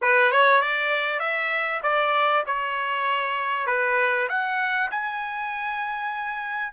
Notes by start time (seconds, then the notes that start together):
0.01 B4
0.31 C#5
0.61 D5
1.19 E5
1.82 D5
2.46 C#5
3.66 B4
4.29 F#5
4.90 G#5